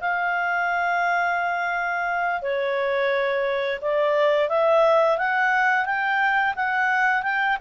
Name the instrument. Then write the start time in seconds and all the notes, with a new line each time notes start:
clarinet
0.00 F5
2.41 C#5
3.81 D5
4.49 E5
5.17 F#5
5.85 G5
6.55 F#5
7.22 G5